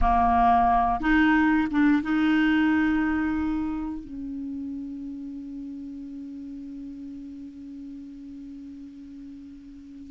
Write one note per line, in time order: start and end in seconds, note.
0.01 1.00 A#3
1.00 1.67 D#4
1.70 2.02 D4
2.02 4.04 D#4
4.04 10.11 C#4